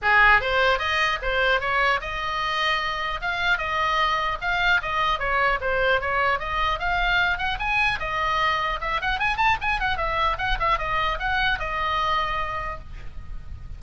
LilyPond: \new Staff \with { instrumentName = "oboe" } { \time 4/4 \tempo 4 = 150 gis'4 c''4 dis''4 c''4 | cis''4 dis''2. | f''4 dis''2 f''4 | dis''4 cis''4 c''4 cis''4 |
dis''4 f''4. fis''8 gis''4 | dis''2 e''8 fis''8 gis''8 a''8 | gis''8 fis''8 e''4 fis''8 e''8 dis''4 | fis''4 dis''2. | }